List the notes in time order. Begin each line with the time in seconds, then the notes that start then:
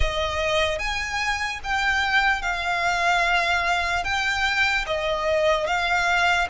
0.00 D#5
0.79 G#5
1.63 G5
2.42 F5
4.04 G5
4.86 D#5
5.66 F5